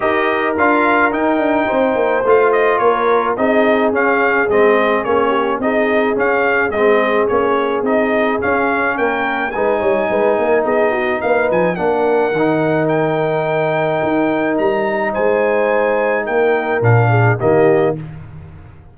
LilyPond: <<
  \new Staff \with { instrumentName = "trumpet" } { \time 4/4 \tempo 4 = 107 dis''4 f''4 g''2 | f''8 dis''8 cis''4 dis''4 f''4 | dis''4 cis''4 dis''4 f''4 | dis''4 cis''4 dis''4 f''4 |
g''4 gis''2 dis''4 | f''8 gis''8 fis''2 g''4~ | g''2 ais''4 gis''4~ | gis''4 g''4 f''4 dis''4 | }
  \new Staff \with { instrumentName = "horn" } { \time 4/4 ais'2. c''4~ | c''4 ais'4 gis'2~ | gis'4. g'8 gis'2~ | gis'1 |
ais'4 b'8 cis''8 b'8 ais'8 gis'8 fis'8 | b'4 ais'2.~ | ais'2. c''4~ | c''4 ais'4. gis'8 g'4 | }
  \new Staff \with { instrumentName = "trombone" } { \time 4/4 g'4 f'4 dis'2 | f'2 dis'4 cis'4 | c'4 cis'4 dis'4 cis'4 | c'4 cis'4 dis'4 cis'4~ |
cis'4 dis'2.~ | dis'4 d'4 dis'2~ | dis'1~ | dis'2 d'4 ais4 | }
  \new Staff \with { instrumentName = "tuba" } { \time 4/4 dis'4 d'4 dis'8 d'8 c'8 ais8 | a4 ais4 c'4 cis'4 | gis4 ais4 c'4 cis'4 | gis4 ais4 c'4 cis'4 |
ais4 gis8 g8 gis8 ais8 b4 | ais8 f8 ais4 dis2~ | dis4 dis'4 g4 gis4~ | gis4 ais4 ais,4 dis4 | }
>>